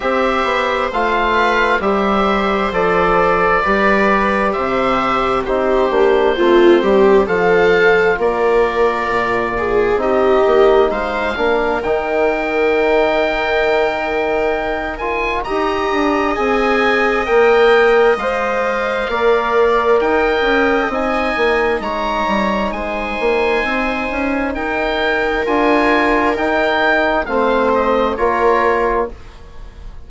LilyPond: <<
  \new Staff \with { instrumentName = "oboe" } { \time 4/4 \tempo 4 = 66 e''4 f''4 e''4 d''4~ | d''4 e''4 c''2 | f''4 d''2 dis''4 | f''4 g''2.~ |
g''8 gis''8 ais''4 gis''4 g''4 | f''2 g''4 gis''4 | ais''4 gis''2 g''4 | gis''4 g''4 f''8 dis''8 cis''4 | }
  \new Staff \with { instrumentName = "viola" } { \time 4/4 c''4. b'8 c''2 | b'4 c''4 g'4 f'8 g'8 | a'4 ais'4. gis'8 g'4 | c''8 ais'2.~ ais'8~ |
ais'4 dis''2.~ | dis''4 d''4 dis''2 | cis''4 c''2 ais'4~ | ais'2 c''4 ais'4 | }
  \new Staff \with { instrumentName = "trombone" } { \time 4/4 g'4 f'4 g'4 a'4 | g'2 dis'8 d'8 c'4 | f'2. dis'4~ | dis'8 d'8 dis'2.~ |
dis'8 f'8 g'4 gis'4 ais'4 | c''4 ais'2 dis'4~ | dis'1 | f'4 dis'4 c'4 f'4 | }
  \new Staff \with { instrumentName = "bassoon" } { \time 4/4 c'8 b8 a4 g4 f4 | g4 c4 c'8 ais8 a8 g8 | f4 ais4 ais,4 c'8 ais8 | gis8 ais8 dis2.~ |
dis4 dis'8 d'8 c'4 ais4 | gis4 ais4 dis'8 cis'8 c'8 ais8 | gis8 g8 gis8 ais8 c'8 cis'8 dis'4 | d'4 dis'4 a4 ais4 | }
>>